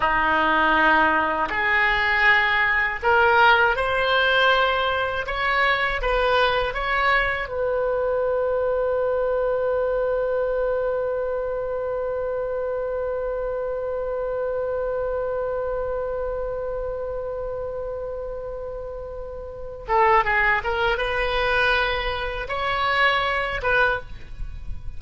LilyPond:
\new Staff \with { instrumentName = "oboe" } { \time 4/4 \tempo 4 = 80 dis'2 gis'2 | ais'4 c''2 cis''4 | b'4 cis''4 b'2~ | b'1~ |
b'1~ | b'1~ | b'2~ b'8 a'8 gis'8 ais'8 | b'2 cis''4. b'8 | }